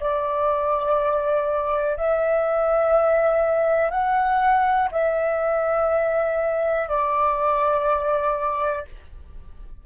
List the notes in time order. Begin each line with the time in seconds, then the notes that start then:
0.00 D5
1.97 E5
3.90 F#5
4.92 E5
6.89 D5